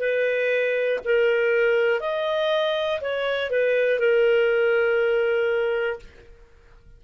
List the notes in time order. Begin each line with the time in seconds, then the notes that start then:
0.00 B4
1.05 A#4
2.01 D#5
3.01 C#5
3.51 B4
4.00 A#4